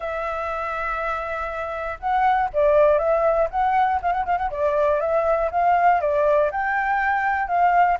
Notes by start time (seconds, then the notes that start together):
0.00 E5
1.99 F#5
2.53 D5
2.98 E5
3.50 F#5
4.02 F5
4.12 F#5
4.25 F5
4.37 F#5
4.50 D5
5.00 E5
5.51 F5
6.00 D5
6.51 G5
7.47 F5